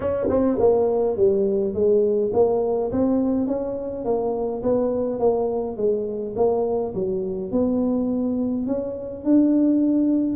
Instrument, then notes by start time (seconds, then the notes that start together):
tuba
0.00 C#4
0.29 C4
0.59 A#3
1.16 G3
1.74 G#3
2.33 A#3
2.91 C4
3.47 C#4
4.04 A#3
4.63 B3
5.19 A#3
5.76 G#3
6.36 A#3
6.94 F#3
7.51 B3
8.66 C#4
9.24 D4